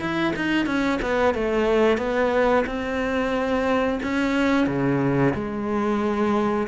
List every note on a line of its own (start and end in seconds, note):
0.00 0.33 E4
0.36 0.66 D#4
0.66 0.99 C#4
1.02 1.34 B3
1.34 1.98 A3
1.98 2.64 B3
2.66 4.00 C4
4.03 4.67 C#4
4.67 5.34 C#3
5.34 6.68 G#3